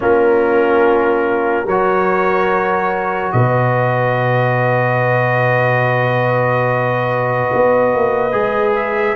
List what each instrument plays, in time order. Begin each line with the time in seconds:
0.00 tuba A#3, trombone C#4, horn F4, trumpet A#4
1.65 tuba F#3, trombone F#4, horn A#4, trumpet C#5
3.31 tuba B2, horn B4, trumpet D#5
7.53 tuba B3
7.94 tuba A#3
8.32 tuba G#3, trombone G#4
8.75 trumpet E5